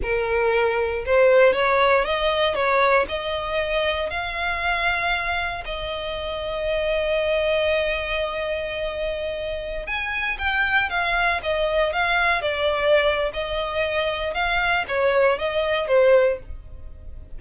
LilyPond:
\new Staff \with { instrumentName = "violin" } { \time 4/4 \tempo 4 = 117 ais'2 c''4 cis''4 | dis''4 cis''4 dis''2 | f''2. dis''4~ | dis''1~ |
dis''2.~ dis''16 gis''8.~ | gis''16 g''4 f''4 dis''4 f''8.~ | f''16 d''4.~ d''16 dis''2 | f''4 cis''4 dis''4 c''4 | }